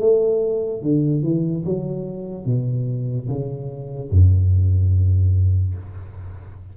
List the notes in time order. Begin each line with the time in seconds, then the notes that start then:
0.00 A3
0.83 D3
1.23 E3
1.65 F#3
2.46 B2
3.28 C#3
4.11 F#2